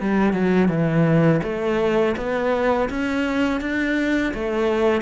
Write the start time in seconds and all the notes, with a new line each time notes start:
0.00 G3
0.33 F#3
0.68 E3
1.43 A3
2.17 B3
2.89 C#4
3.61 D4
4.34 A3